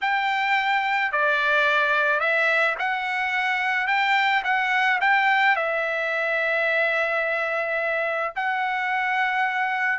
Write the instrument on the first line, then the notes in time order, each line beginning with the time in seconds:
trumpet
0.01 G5
1.12 D5
2.19 E5
2.78 F#5
3.87 G5
4.43 F#5
5.00 G5
5.56 E5
8.35 F#5